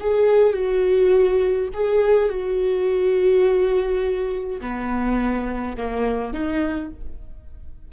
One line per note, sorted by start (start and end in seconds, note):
0.00 0.53 G#4
0.53 1.69 F#4
1.74 2.29 G#4
2.29 4.60 F#4
4.61 5.76 B3
5.77 6.33 A#3
6.33 6.91 D#4